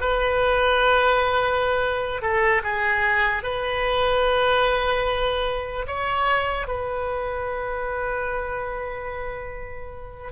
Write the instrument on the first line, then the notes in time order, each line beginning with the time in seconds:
oboe
0.00 B4
2.22 A4
2.64 G#4
3.43 B4
5.87 C#5
6.67 B4